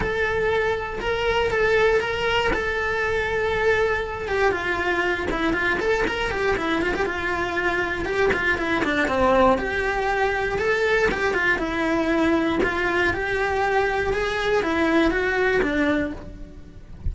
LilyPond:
\new Staff \with { instrumentName = "cello" } { \time 4/4 \tempo 4 = 119 a'2 ais'4 a'4 | ais'4 a'2.~ | a'8 g'8 f'4. e'8 f'8 a'8 | ais'8 g'8 e'8 f'16 g'16 f'2 |
g'8 f'8 e'8 d'8 c'4 g'4~ | g'4 a'4 g'8 f'8 e'4~ | e'4 f'4 g'2 | gis'4 e'4 fis'4 d'4 | }